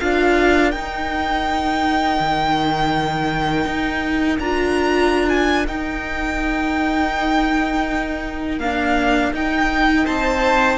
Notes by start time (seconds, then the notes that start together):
0.00 D4 F4 A#4 F5
0.71 D#4 G5
2.20 D#3
3.65 D#4
4.40 D4 F4 A#5
5.29 G#5
5.67 D#4 G5
8.59 A#3 D4 F5
9.32 D#4 G5
10.05 C4 C5 A5